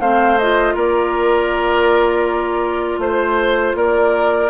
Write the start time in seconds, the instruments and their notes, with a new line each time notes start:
0.00 bassoon A3, clarinet C4, oboe C5, flute F5
0.38 clarinet F4, flute D#5
0.75 bassoon A#3, oboe A#4, flute D5
2.99 bassoon A3, flute C5, oboe C5
3.75 bassoon A#3, oboe A#4, flute D5